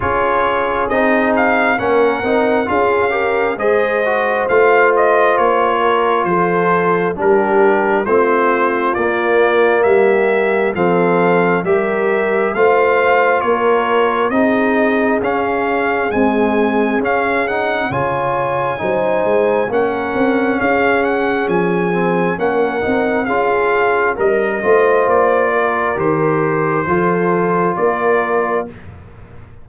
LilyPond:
<<
  \new Staff \with { instrumentName = "trumpet" } { \time 4/4 \tempo 4 = 67 cis''4 dis''8 f''8 fis''4 f''4 | dis''4 f''8 dis''8 cis''4 c''4 | ais'4 c''4 d''4 e''4 | f''4 e''4 f''4 cis''4 |
dis''4 f''4 gis''4 f''8 fis''8 | gis''2 fis''4 f''8 fis''8 | gis''4 fis''4 f''4 dis''4 | d''4 c''2 d''4 | }
  \new Staff \with { instrumentName = "horn" } { \time 4/4 gis'2 ais'4 gis'8 ais'8 | c''2~ c''8 ais'8 a'4 | g'4 f'2 g'4 | a'4 ais'4 c''4 ais'4 |
gis'1 | cis''4 c''4 ais'4 gis'4~ | gis'4 ais'4 gis'4 ais'8 c''8~ | c''8 ais'4. a'4 ais'4 | }
  \new Staff \with { instrumentName = "trombone" } { \time 4/4 f'4 dis'4 cis'8 dis'8 f'8 g'8 | gis'8 fis'8 f'2. | d'4 c'4 ais2 | c'4 g'4 f'2 |
dis'4 cis'4 gis4 cis'8 dis'8 | f'4 dis'4 cis'2~ | cis'8 c'8 cis'8 dis'8 f'4 ais'8 f'8~ | f'4 g'4 f'2 | }
  \new Staff \with { instrumentName = "tuba" } { \time 4/4 cis'4 c'4 ais8 c'8 cis'4 | gis4 a4 ais4 f4 | g4 a4 ais4 g4 | f4 g4 a4 ais4 |
c'4 cis'4 c'4 cis'4 | cis4 fis8 gis8 ais8 c'8 cis'4 | f4 ais8 c'8 cis'4 g8 a8 | ais4 dis4 f4 ais4 | }
>>